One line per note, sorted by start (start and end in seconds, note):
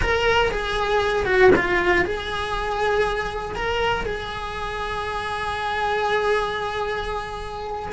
0.01 0.51 A#4
0.51 1.25 G#4
1.25 1.50 F#4
1.55 2.04 F4
2.04 3.55 G#4
3.55 4.05 A#4
4.05 7.92 G#4